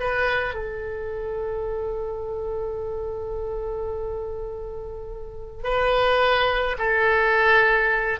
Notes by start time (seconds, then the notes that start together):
0.00 B4
0.55 A4
5.64 B4
6.78 A4